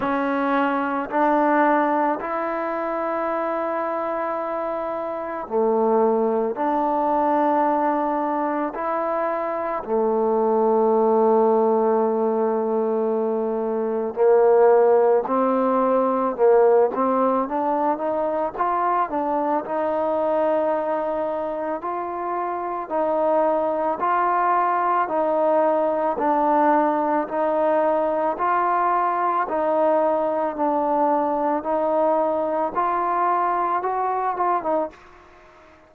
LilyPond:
\new Staff \with { instrumentName = "trombone" } { \time 4/4 \tempo 4 = 55 cis'4 d'4 e'2~ | e'4 a4 d'2 | e'4 a2.~ | a4 ais4 c'4 ais8 c'8 |
d'8 dis'8 f'8 d'8 dis'2 | f'4 dis'4 f'4 dis'4 | d'4 dis'4 f'4 dis'4 | d'4 dis'4 f'4 fis'8 f'16 dis'16 | }